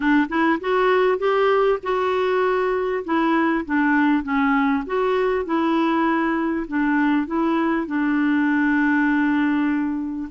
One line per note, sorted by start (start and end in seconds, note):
0.00 0.27 D4
0.29 0.59 E4
0.60 1.18 F#4
1.18 1.79 G4
1.82 3.04 F#4
3.04 3.64 E4
3.65 4.23 D4
4.23 4.83 C#4
4.86 5.45 F#4
5.45 6.66 E4
6.67 7.26 D4
7.26 7.87 E4
7.87 10.29 D4